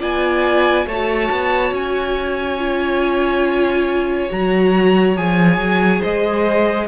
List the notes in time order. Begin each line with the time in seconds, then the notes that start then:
0.00 B3 F4 D5 G#5
0.86 A3 C#5 A5
0.92 F#4
1.31 B3
1.72 C#4 G#5
2.58 F4
4.29 F#3 F#4 A#5
5.16 F3 G#4 G#5
5.58 F#3
5.99 G#3 C5 D#5